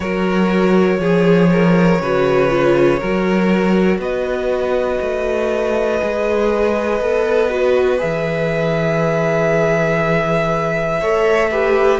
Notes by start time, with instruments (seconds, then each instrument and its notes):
0.00 cello F#3, viola F#4, violin A#4 C#5
0.99 cello F3, violin G#4, viola G#4
1.51 violin A#4
2.00 cello C#3, viola F#4, violin B4
2.49 viola F4
2.99 cello F#3, viola F#4, violin A#4
3.98 cello B3, violin B4 D#5
5.00 cello A3
6.00 cello G#3, viola G#4
7.00 cello B3, viola A4
7.49 viola F#4
7.97 cello E3, viola G#4, violin E5
11.00 cello A3, viola A4, violin C#5
11.50 viola G4, violin B4